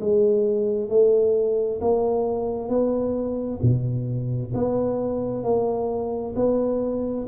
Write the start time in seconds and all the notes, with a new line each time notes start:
0.00 G#3
0.89 A3
1.81 A#3
2.69 B3
3.62 B2
4.53 B3
5.43 A#3
6.35 B3